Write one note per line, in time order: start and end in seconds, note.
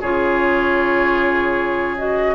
0.00 2.35 C#3
0.00 1.97 F4
0.00 2.34 G#4
0.00 1.96 C#5
1.97 2.35 F#4
1.97 2.35 D#5